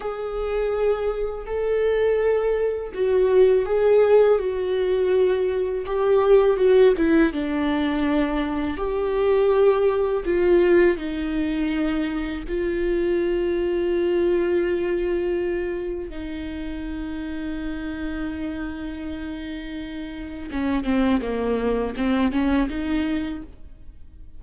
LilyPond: \new Staff \with { instrumentName = "viola" } { \time 4/4 \tempo 4 = 82 gis'2 a'2 | fis'4 gis'4 fis'2 | g'4 fis'8 e'8 d'2 | g'2 f'4 dis'4~ |
dis'4 f'2.~ | f'2 dis'2~ | dis'1 | cis'8 c'8 ais4 c'8 cis'8 dis'4 | }